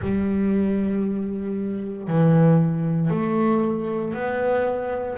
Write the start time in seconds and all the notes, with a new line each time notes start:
0.01 G3
2.07 E3
3.10 A3
4.14 B3